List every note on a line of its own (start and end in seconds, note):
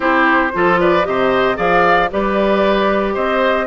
0.00 0.52 C4
0.00 0.50 E4
0.00 0.51 G4
0.00 0.79 C5
0.53 1.06 F3
0.53 1.03 F4
0.53 0.80 A4
0.79 1.06 B4
0.79 1.05 D5
1.03 1.58 C3
1.03 1.54 G4
1.03 1.56 C5
1.03 1.57 D#5
1.54 2.10 F3
1.54 2.07 G#4
1.54 2.09 D5
1.54 2.10 F5
2.11 3.16 G3
2.11 3.66 G4
2.11 3.13 B4
2.11 3.14 D5
3.13 3.66 C4
3.13 3.66 C5
3.13 3.66 D#5